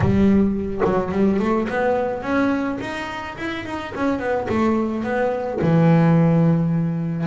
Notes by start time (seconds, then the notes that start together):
0.00 G3
0.84 F#3
1.11 G3
1.39 A3
1.68 B3
2.22 C#4
2.80 D#4
3.37 E4
3.65 D#4
3.95 C#4
4.19 B3
4.49 A3
5.03 B3
5.61 E3